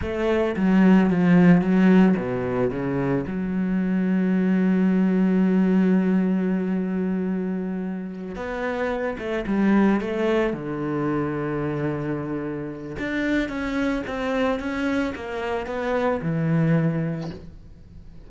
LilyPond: \new Staff \with { instrumentName = "cello" } { \time 4/4 \tempo 4 = 111 a4 fis4 f4 fis4 | b,4 cis4 fis2~ | fis1~ | fis2.~ fis8 b8~ |
b4 a8 g4 a4 d8~ | d1 | d'4 cis'4 c'4 cis'4 | ais4 b4 e2 | }